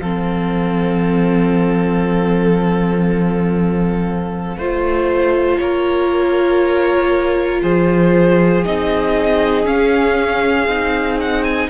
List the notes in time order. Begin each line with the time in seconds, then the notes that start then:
0.00 F3 C4 A4 F5
4.57 A3 F4 C5
5.58 A#3 A#4 C#5
7.63 F3 G#4 C5
8.66 C4 D#4 D#5
9.65 C#4 F5
10.67 C4 D#4
11.21 F#5
11.44 G#5